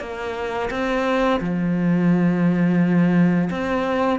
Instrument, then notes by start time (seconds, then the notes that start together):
cello
0.00 A#3
0.70 C4
1.40 F3
3.50 C4